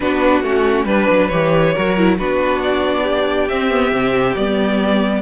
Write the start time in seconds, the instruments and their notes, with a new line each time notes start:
0.00 cello B3, viola D4, violin F#4 B4
0.42 cello A3, viola C#4, violin F#4
0.85 cello G3, viola D4, violin B4
1.09 cello F#3
1.28 cello E3, viola G4, violin C#5
1.74 cello F#3, viola F#4, violin A#4
1.97 viola E4
2.18 cello B3, viola D4, violin F#4 B4
2.62 violin D5
3.03 violin G4
3.48 viola C4, cello C4, violin E5
3.69 viola B3
3.90 cello C3, viola C4
4.35 cello G3, viola B3, violin D5